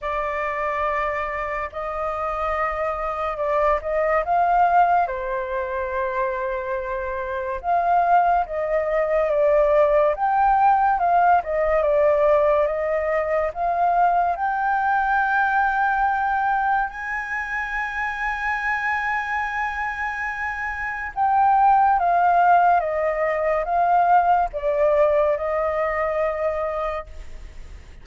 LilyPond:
\new Staff \with { instrumentName = "flute" } { \time 4/4 \tempo 4 = 71 d''2 dis''2 | d''8 dis''8 f''4 c''2~ | c''4 f''4 dis''4 d''4 | g''4 f''8 dis''8 d''4 dis''4 |
f''4 g''2. | gis''1~ | gis''4 g''4 f''4 dis''4 | f''4 d''4 dis''2 | }